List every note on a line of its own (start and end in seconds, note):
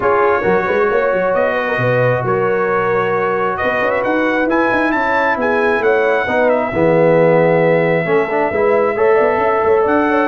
0.00 0.42 C#4
0.00 0.42 F4
0.00 0.42 G#4
0.00 1.34 C#5
0.42 0.67 F#3
0.42 4.45 F#4
0.42 0.64 A#4
0.65 0.90 G#3
0.65 0.88 B4
0.90 1.12 A#3
0.90 1.54 C#5
1.12 1.34 F#3
1.34 1.77 B3
1.34 2.23 D#5
1.54 1.65 B4
1.68 1.79 A#4
1.77 2.22 B2
1.77 2.24 B4
2.24 3.58 F#3
2.24 3.58 A#4
2.24 3.57 C#5
3.57 4.92 B4
3.57 3.91 D#5
3.63 3.81 B3
3.81 4.03 C#4
3.91 4.02 E5
4.03 4.45 D#4
4.03 4.48 F#5
4.45 4.68 E4
4.45 6.27 E4
4.45 4.91 G#5
4.71 4.92 D#4
4.91 5.36 C#4
4.91 5.37 C#5
4.91 5.36 A5
5.36 5.79 B3
5.36 5.82 G#4
5.36 5.82 G#5
5.79 6.24 A3
5.79 6.24 C#5
5.79 6.49 F#5
6.24 6.72 B3
6.24 6.72 D#4
6.24 6.69 B4
6.49 9.84 E5
6.72 8.05 E3
6.72 8.05 B3
6.72 8.05 G#4
8.05 8.50 A3
8.05 8.27 C#4
8.05 8.49 A4
8.30 8.52 D4
8.50 8.96 G#3
8.50 8.96 E4
8.50 8.95 B4
8.95 9.18 A3
8.95 10.28 A4
8.95 9.14 C#5
9.14 9.37 B3
9.14 9.36 D5
9.37 9.60 C#4
9.37 9.64 E5
9.64 9.85 A3
9.64 9.82 C#5
9.82 10.28 D4
9.82 10.04 D5
9.82 10.28 F#5
10.08 10.28 C#5